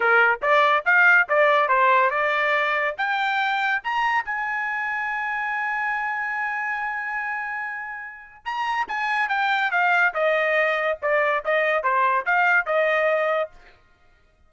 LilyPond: \new Staff \with { instrumentName = "trumpet" } { \time 4/4 \tempo 4 = 142 ais'4 d''4 f''4 d''4 | c''4 d''2 g''4~ | g''4 ais''4 gis''2~ | gis''1~ |
gis''1 | ais''4 gis''4 g''4 f''4 | dis''2 d''4 dis''4 | c''4 f''4 dis''2 | }